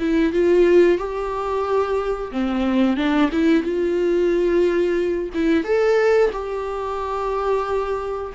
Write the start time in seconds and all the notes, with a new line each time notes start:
0.00 E4
0.33 F4
0.98 G4
2.32 C4
2.97 D4
3.32 E4
3.63 F4
5.34 E4
5.64 A4
6.33 G4